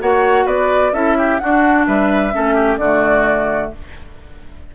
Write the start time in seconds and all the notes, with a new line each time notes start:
0.00 A#3 F#4 C#5 F#5
0.45 B3 B4 D5
0.92 C#4 E4 A4 E5
1.18 G4
1.39 D4 F#4 F#5
1.87 G3 B4 E5
2.32 A3 C#4 A4
2.54 G4
2.77 D3 A3 F#4 D5